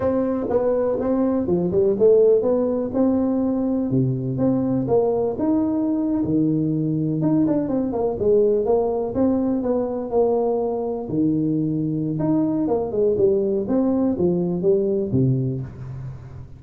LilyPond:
\new Staff \with { instrumentName = "tuba" } { \time 4/4 \tempo 4 = 123 c'4 b4 c'4 f8 g8 | a4 b4 c'2 | c4 c'4 ais4 dis'4~ | dis'8. dis2 dis'8 d'8 c'16~ |
c'16 ais8 gis4 ais4 c'4 b16~ | b8. ais2 dis4~ dis16~ | dis4 dis'4 ais8 gis8 g4 | c'4 f4 g4 c4 | }